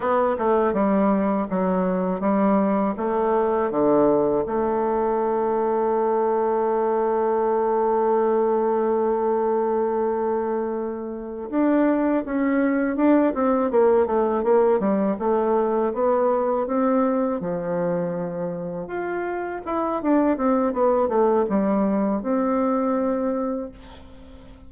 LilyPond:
\new Staff \with { instrumentName = "bassoon" } { \time 4/4 \tempo 4 = 81 b8 a8 g4 fis4 g4 | a4 d4 a2~ | a1~ | a2.~ a8 d'8~ |
d'8 cis'4 d'8 c'8 ais8 a8 ais8 | g8 a4 b4 c'4 f8~ | f4. f'4 e'8 d'8 c'8 | b8 a8 g4 c'2 | }